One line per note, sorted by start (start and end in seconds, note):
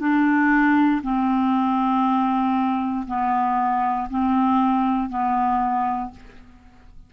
0.00 1.02 D4
1.03 3.06 C4
3.07 4.09 B3
4.10 5.10 C4
5.10 6.12 B3